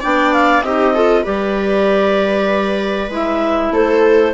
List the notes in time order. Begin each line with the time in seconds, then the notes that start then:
0.00 B3 D4 D5 G5
0.33 F5
0.62 C4 D#4 G4 D#5
0.94 F4 A4
1.23 G3 G4 B4 D5
3.09 G#3 E4 E5
3.71 A3 A4 C5